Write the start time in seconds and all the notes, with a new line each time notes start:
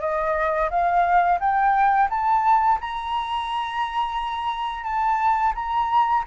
0.00 D#5
0.70 F5
1.39 G5
2.09 A5
2.81 A#5
4.84 A5
5.55 A#5